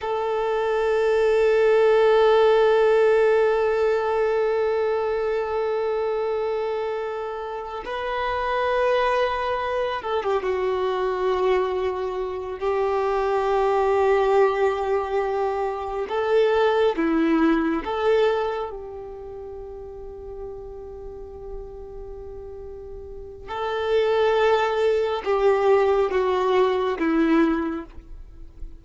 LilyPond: \new Staff \with { instrumentName = "violin" } { \time 4/4 \tempo 4 = 69 a'1~ | a'1~ | a'4 b'2~ b'8 a'16 g'16 | fis'2~ fis'8 g'4.~ |
g'2~ g'8 a'4 e'8~ | e'8 a'4 g'2~ g'8~ | g'2. a'4~ | a'4 g'4 fis'4 e'4 | }